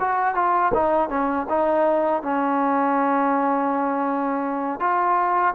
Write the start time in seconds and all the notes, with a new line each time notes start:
0.00 F#4
0.35 F4
0.74 D#4
1.09 C#4
1.49 D#4
2.23 C#4
4.80 F4